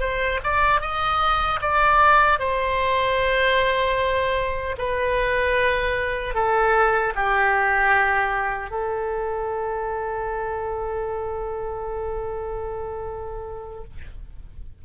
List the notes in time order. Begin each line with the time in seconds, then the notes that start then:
0.00 C5
0.44 D5
0.81 D#5
1.61 D5
2.39 C5
4.78 B4
6.35 A4
7.16 G4
8.71 A4